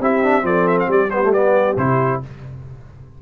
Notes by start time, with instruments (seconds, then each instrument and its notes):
0.00 tuba C4, trombone E4, horn G4, trumpet E5
0.23 trombone D4
0.42 tuba F3, trombone C4, horn A4, trumpet D5
0.67 trumpet E5
0.79 trumpet F5
0.88 tuba G3, horn G4, trumpet D5
1.10 trombone B3, trumpet C5
1.23 trombone A3
1.33 trombone B3, trumpet D5
1.76 tuba C3, trombone E4, trumpet C5